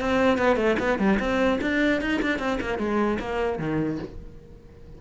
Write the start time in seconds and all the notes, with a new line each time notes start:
0.00 C4
0.38 B3
0.56 A3
0.79 B3
0.99 G3
1.19 C4
1.61 D4
2.01 D#4
2.22 D4
2.39 C4
2.60 A#3
2.78 G#3
3.19 A#3
3.58 D#3